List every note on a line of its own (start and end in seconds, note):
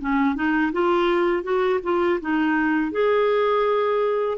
0.00 0.35 C#4
0.35 0.72 D#4
0.72 1.43 F4
1.43 1.80 F#4
1.83 2.20 F4
2.21 2.91 D#4
2.91 4.37 G#4